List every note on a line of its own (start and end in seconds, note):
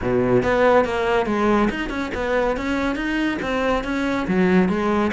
0.01 0.43 B2
0.43 0.84 B3
0.84 1.26 A#3
1.26 1.68 G#3
1.69 1.89 D#4
1.89 2.11 C#4
2.14 2.56 B3
2.56 2.95 C#4
2.95 3.38 D#4
3.42 3.84 C4
3.84 4.26 C#4
4.27 4.68 F#3
4.68 5.11 G#3